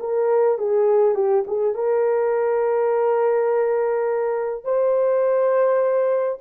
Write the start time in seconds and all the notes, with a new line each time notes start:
0.00 A#4
0.58 G#4
1.15 G4
1.47 G#4
1.75 A#4
4.64 C5